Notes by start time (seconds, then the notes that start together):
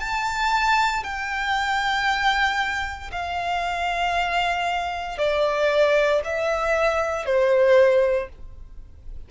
0.00 A5
1.03 G5
3.11 F5
5.18 D5
6.24 E5
7.25 C5